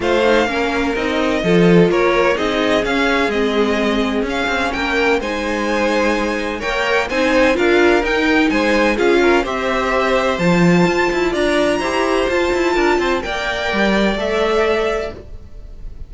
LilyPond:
<<
  \new Staff \with { instrumentName = "violin" } { \time 4/4 \tempo 4 = 127 f''2 dis''2 | cis''4 dis''4 f''4 dis''4~ | dis''4 f''4 g''4 gis''4~ | gis''2 g''4 gis''4 |
f''4 g''4 gis''4 f''4 | e''2 a''2 | ais''2 a''2 | g''2 e''2 | }
  \new Staff \with { instrumentName = "violin" } { \time 4/4 c''4 ais'2 a'4 | ais'4 gis'2.~ | gis'2 ais'4 c''4~ | c''2 cis''4 c''4 |
ais'2 c''4 gis'8 ais'8 | c''1 | d''4 c''2 ais'8 c''8 | d''1 | }
  \new Staff \with { instrumentName = "viola" } { \time 4/4 f'8 dis'8 cis'4 dis'4 f'4~ | f'4 dis'4 cis'4 c'4~ | c'4 cis'2 dis'4~ | dis'2 ais'4 dis'4 |
f'4 dis'2 f'4 | g'2 f'2~ | f'4 g'4 f'2 | ais'2 a'2 | }
  \new Staff \with { instrumentName = "cello" } { \time 4/4 a4 ais4 c'4 f4 | ais4 c'4 cis'4 gis4~ | gis4 cis'8 c'8 ais4 gis4~ | gis2 ais4 c'4 |
d'4 dis'4 gis4 cis'4 | c'2 f4 f'8 e'8 | d'4 e'4 f'8 e'8 d'8 c'8 | ais4 g4 a2 | }
>>